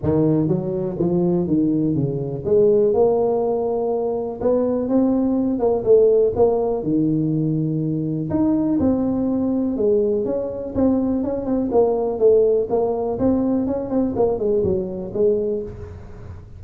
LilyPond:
\new Staff \with { instrumentName = "tuba" } { \time 4/4 \tempo 4 = 123 dis4 fis4 f4 dis4 | cis4 gis4 ais2~ | ais4 b4 c'4. ais8 | a4 ais4 dis2~ |
dis4 dis'4 c'2 | gis4 cis'4 c'4 cis'8 c'8 | ais4 a4 ais4 c'4 | cis'8 c'8 ais8 gis8 fis4 gis4 | }